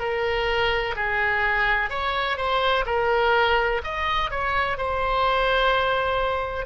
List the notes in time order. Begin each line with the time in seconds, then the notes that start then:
0.00 A#4
0.96 G#4
1.90 C#5
2.37 C5
2.87 A#4
3.84 D#5
4.31 C#5
4.78 C5